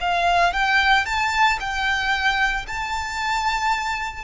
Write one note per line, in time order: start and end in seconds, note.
0.00 0.53 F5
0.53 1.05 G5
1.05 1.58 A5
1.60 2.66 G5
2.67 4.24 A5